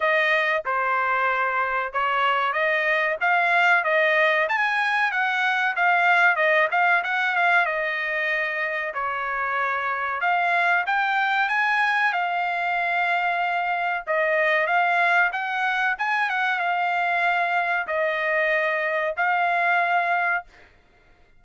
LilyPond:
\new Staff \with { instrumentName = "trumpet" } { \time 4/4 \tempo 4 = 94 dis''4 c''2 cis''4 | dis''4 f''4 dis''4 gis''4 | fis''4 f''4 dis''8 f''8 fis''8 f''8 | dis''2 cis''2 |
f''4 g''4 gis''4 f''4~ | f''2 dis''4 f''4 | fis''4 gis''8 fis''8 f''2 | dis''2 f''2 | }